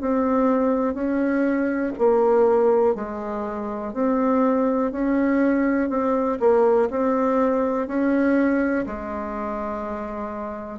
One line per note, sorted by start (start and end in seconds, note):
0.00 0.94 C4
0.94 1.92 C#4
1.98 2.95 A#3
2.95 3.93 G#3
3.93 4.91 C4
4.91 5.89 C#4
5.89 6.38 C4
6.39 6.89 A#3
6.90 7.87 C4
7.87 8.85 C#4
8.86 10.79 G#3